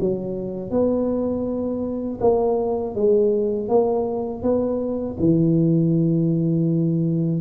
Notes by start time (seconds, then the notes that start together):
0.00 F#3
0.70 B3
2.21 A#3
2.95 G#3
3.68 A#3
4.42 B3
5.19 E3